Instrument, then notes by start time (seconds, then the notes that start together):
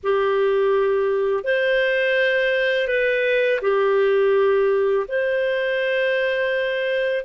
clarinet
0.03 G4
1.44 C5
2.87 B4
3.61 G4
5.08 C5